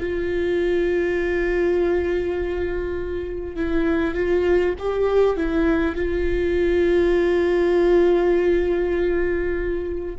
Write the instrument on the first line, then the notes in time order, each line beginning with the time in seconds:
viola
0.00 F4
3.56 E4
4.15 F4
4.79 G4
5.37 E4
5.96 F4